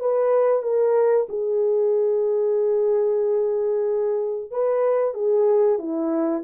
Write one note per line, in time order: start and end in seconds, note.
0.00 0.63 B4
0.63 1.27 A#4
1.29 4.51 G#4
4.51 5.14 B4
5.14 5.79 G#4
5.79 6.43 E4